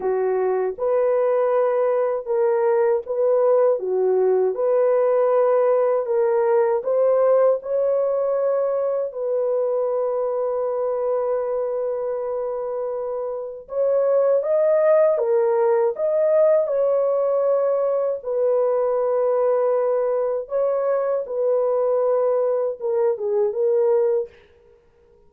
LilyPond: \new Staff \with { instrumentName = "horn" } { \time 4/4 \tempo 4 = 79 fis'4 b'2 ais'4 | b'4 fis'4 b'2 | ais'4 c''4 cis''2 | b'1~ |
b'2 cis''4 dis''4 | ais'4 dis''4 cis''2 | b'2. cis''4 | b'2 ais'8 gis'8 ais'4 | }